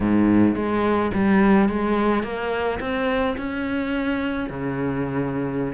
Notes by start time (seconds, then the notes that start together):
0.00 G#2
0.55 G#3
1.14 G3
1.68 G#3
2.23 A#3
2.80 C4
3.37 C#4
4.49 C#3